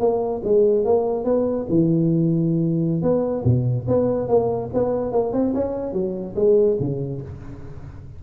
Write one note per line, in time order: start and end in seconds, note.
0.00 0.42 A#3
0.44 0.85 G#3
0.85 1.24 A#3
1.24 1.66 B3
1.69 3.02 E3
3.02 3.44 B3
3.44 3.86 B2
3.88 4.28 B3
4.28 4.70 A#3
4.74 5.12 B3
5.12 5.33 A#3
5.33 5.53 C4
5.54 5.93 C#4
5.93 6.35 F#3
6.36 6.77 G#3
6.80 7.21 C#3